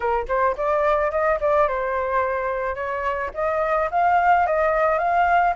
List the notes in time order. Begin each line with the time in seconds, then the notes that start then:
0.00 A#4
0.28 C5
0.57 D5
1.11 D#5
1.40 D5
1.68 C5
2.75 C#5
3.33 D#5
3.90 F5
4.46 D#5
4.98 F5